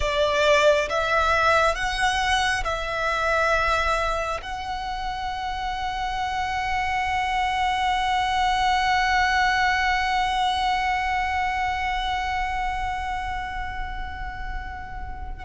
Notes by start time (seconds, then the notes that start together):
0.00 D5
0.89 E5
1.75 F#5
2.64 E5
4.42 F#5